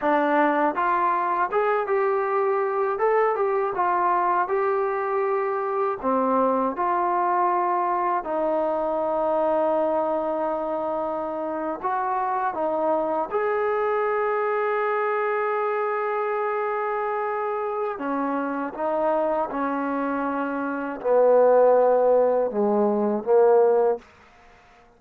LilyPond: \new Staff \with { instrumentName = "trombone" } { \time 4/4 \tempo 4 = 80 d'4 f'4 gis'8 g'4. | a'8 g'8 f'4 g'2 | c'4 f'2 dis'4~ | dis'2.~ dis'8. fis'16~ |
fis'8. dis'4 gis'2~ gis'16~ | gis'1 | cis'4 dis'4 cis'2 | b2 gis4 ais4 | }